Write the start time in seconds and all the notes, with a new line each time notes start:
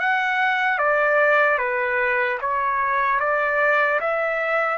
0.00 F#5
0.79 D5
1.58 B4
2.41 C#5
3.20 D5
4.00 E5